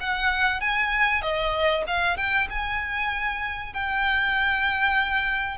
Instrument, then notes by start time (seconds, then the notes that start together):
violin
0.00 F#5
0.60 G#5
1.21 D#5
1.87 F5
2.17 G5
2.50 G#5
3.73 G5